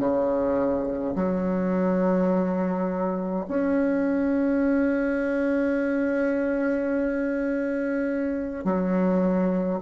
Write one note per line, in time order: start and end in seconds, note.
0.00 1.15 C#3
1.15 3.46 F#3
3.48 8.65 C#4
8.65 9.80 F#3